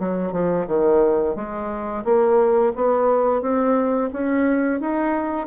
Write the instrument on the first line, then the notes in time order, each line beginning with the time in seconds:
bassoon
0.00 F#3
0.33 F3
0.68 D#3
1.36 G#3
2.05 A#3
2.76 B3
3.42 C4
4.13 C#4
4.81 D#4